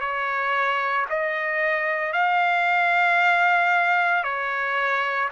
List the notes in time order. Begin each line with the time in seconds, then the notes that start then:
0.00 C#5
1.09 D#5
2.12 F5
4.23 C#5